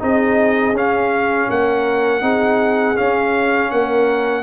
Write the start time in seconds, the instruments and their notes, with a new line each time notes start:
0.00 tuba C4, trombone D#4, horn G#4, trumpet D#5
0.73 tuba C#4, trombone C#4, trumpet F5
1.50 tuba A#3, horn A#4, trumpet F#5
2.22 tuba C4, trombone D#4, horn G#4
2.96 trombone C#4, tuba C#4, trumpet F5
3.71 tuba A#3, horn A#4, trumpet F#5